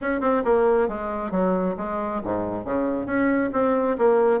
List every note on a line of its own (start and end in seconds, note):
0.01 0.21 C#4
0.21 0.43 C4
0.44 0.88 A#3
0.88 1.31 G#3
1.31 1.75 F#3
1.77 2.21 G#3
2.23 2.64 G#2
2.64 3.06 C#3
3.06 3.50 C#4
3.53 3.97 C4
3.97 4.40 A#3